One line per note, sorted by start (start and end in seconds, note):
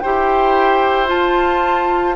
0.00 1.12 E4
0.00 1.07 G4
0.00 2.16 C5
0.00 1.07 G5
1.07 2.15 F4
1.07 2.16 F4
1.07 2.16 A5